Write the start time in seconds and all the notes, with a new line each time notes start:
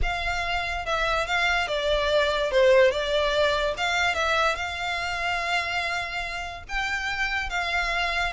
0.02 F5
0.85 E5
1.26 F5
1.67 D5
2.51 C5
2.91 D5
3.77 F5
4.14 E5
4.55 F5
6.68 G5
7.49 F5